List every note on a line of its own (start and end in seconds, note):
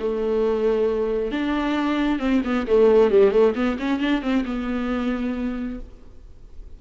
0.00 1.32 A3
1.32 2.20 D4
2.20 2.42 C4
2.45 2.67 B3
2.68 3.11 A3
3.11 3.32 G3
3.32 3.54 A3
3.56 3.78 B3
3.80 4.00 C#4
4.00 4.22 D4
4.22 4.45 C4
4.46 5.80 B3